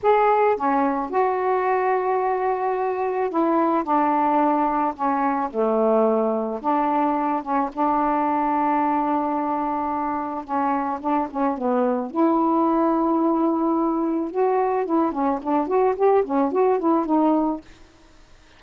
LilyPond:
\new Staff \with { instrumentName = "saxophone" } { \time 4/4 \tempo 4 = 109 gis'4 cis'4 fis'2~ | fis'2 e'4 d'4~ | d'4 cis'4 a2 | d'4. cis'8 d'2~ |
d'2. cis'4 | d'8 cis'8 b4 e'2~ | e'2 fis'4 e'8 cis'8 | d'8 fis'8 g'8 cis'8 fis'8 e'8 dis'4 | }